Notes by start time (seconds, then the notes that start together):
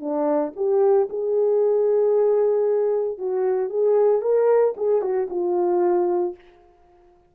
0.00 D4
0.56 G4
1.10 G#4
3.18 F#4
3.70 G#4
4.22 A#4
4.77 G#4
5.02 F#4
5.30 F4